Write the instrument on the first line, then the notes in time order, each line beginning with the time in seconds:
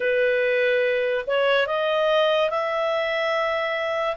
clarinet
0.00 B4
1.27 C#5
1.66 D#5
2.50 E5